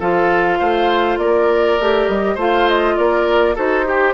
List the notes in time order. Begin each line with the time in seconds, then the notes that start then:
0.00 F3 F4 A4 F5
0.59 A3 C5
1.18 A#3 A#4 D5
1.80 A3 G4
2.08 G3 D#5
2.35 A3 F4 C5 F5
2.69 D#5
2.97 A#3 A#4 D5
3.55 D#4 F#4 A4 C5
3.85 G4